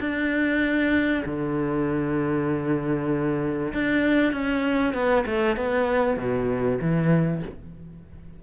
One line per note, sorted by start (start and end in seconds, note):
0.00 1.24 D4
1.26 3.73 D3
3.74 4.33 D4
4.33 4.94 C#4
4.94 5.25 B3
5.26 5.57 A3
5.57 6.17 B3
6.17 6.79 B2
6.81 7.43 E3